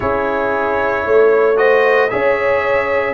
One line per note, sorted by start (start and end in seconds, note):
0.00 1.05 C#4
0.00 1.56 E4
0.00 1.05 G#4
0.00 1.57 C#5
1.05 2.11 A3
1.05 1.57 C#5
1.56 2.08 F#4
1.56 2.11 C5
1.56 2.09 D#5
2.09 3.14 C#4
2.09 3.14 G#4
2.09 3.14 C#5
2.09 3.14 E5